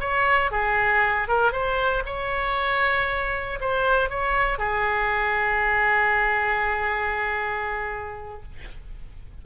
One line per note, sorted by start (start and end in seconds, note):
0.00 0.51 C#5
0.52 1.28 G#4
1.28 1.52 A#4
1.52 2.03 C5
2.06 3.60 C#5
3.61 4.10 C5
4.10 4.59 C#5
4.59 8.43 G#4